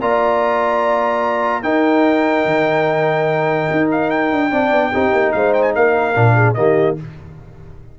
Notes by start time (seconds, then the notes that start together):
0.00 A#3 F4 D5 A#5
1.62 D#4 A#4 G5
2.45 D#3
3.71 D#4
3.91 F5
4.10 G5
4.32 D4
4.51 C4 D4 D5
4.71 B3
4.92 C4 D#4 G4
5.12 A#3
5.32 G#3 C5 F5
5.53 G5
5.62 G#5
5.75 A#3 A#4 F5
6.14 A#2 D4
6.35 G#4
6.54 D#3 A#3 G4 D#5